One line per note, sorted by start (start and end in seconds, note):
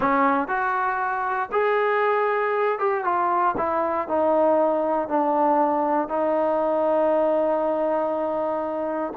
0.00 0.48 C#4
0.48 1.49 F#4
1.51 2.78 G#4
2.78 3.04 G4
3.04 3.55 F4
3.57 4.08 E4
4.08 5.08 D#4
5.08 6.08 D4
6.08 9.13 D#4